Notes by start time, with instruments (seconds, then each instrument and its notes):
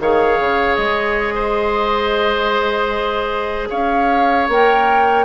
0.00 bassoon D#3, clarinet G#4, oboe C#5, flute F5
0.40 bassoon C#3
0.76 bassoon G#3, flute D#5
1.35 oboe C5
3.70 bassoon C#4, oboe C#5, flute F5
4.49 bassoon A#3, clarinet A#4, flute G5